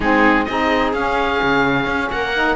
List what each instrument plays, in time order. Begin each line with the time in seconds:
0.00 cello G#3, saxophone C4, viola D#4, oboe G#4
0.44 cello C4, saxophone D#4, viola G#4, oboe D#5
0.93 cello C#4, saxophone C#4, oboe F5
1.42 cello C#3
1.86 cello C#4
2.10 cello A#3, viola A#4, oboe F#5
2.35 saxophone D#4